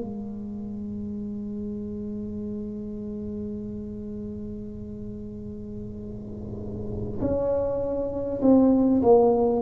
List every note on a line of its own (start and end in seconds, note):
0.00 7.20 G#3
7.21 8.41 C#4
8.42 9.02 C4
9.02 9.62 A#3